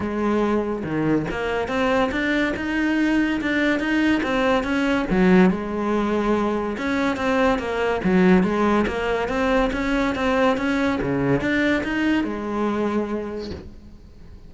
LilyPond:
\new Staff \with { instrumentName = "cello" } { \time 4/4 \tempo 4 = 142 gis2 dis4 ais4 | c'4 d'4 dis'2 | d'4 dis'4 c'4 cis'4 | fis4 gis2. |
cis'4 c'4 ais4 fis4 | gis4 ais4 c'4 cis'4 | c'4 cis'4 cis4 d'4 | dis'4 gis2. | }